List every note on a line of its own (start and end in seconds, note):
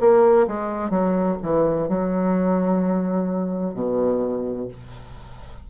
0.00 0.47 A#3
0.47 0.90 G#3
0.90 1.37 F#3
1.42 1.88 E3
1.88 3.74 F#3
3.74 4.68 B2